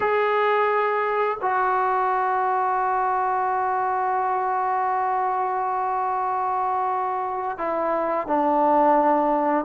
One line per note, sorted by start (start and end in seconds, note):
0.00 1.38 G#4
1.41 7.58 F#4
7.58 8.27 E4
8.27 9.65 D4